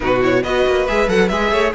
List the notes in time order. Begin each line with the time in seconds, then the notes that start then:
0.00 B2 D#4 F#4 B4
0.21 E4 C#5
0.43 B3 F#4 B4 D#5
0.66 A#3
0.87 G#3 G#4 E5
1.08 F#3 A4 F#5
1.28 G#3 G#4 E5
1.51 A3 C#5